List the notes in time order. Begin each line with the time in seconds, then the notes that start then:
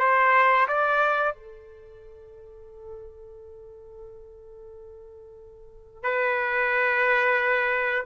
0.00 C5
0.68 D5
1.35 A4
6.04 B4